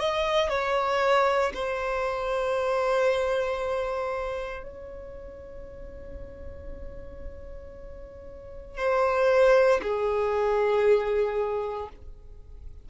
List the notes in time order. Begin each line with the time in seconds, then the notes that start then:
0.00 D#5
0.49 C#5
1.55 C5
4.64 C#5
8.78 C5
9.82 G#4